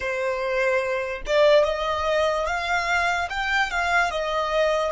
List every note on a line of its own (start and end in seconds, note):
0.00 1.21 C5
1.26 1.64 D5
1.64 2.46 D#5
2.46 3.28 F5
3.29 3.70 G5
3.70 4.10 F5
4.10 4.91 D#5